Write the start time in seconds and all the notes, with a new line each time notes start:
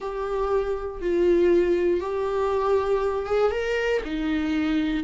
0.00 G4
1.01 F4
2.00 G4
3.26 G#4
3.51 A#4
4.04 D#4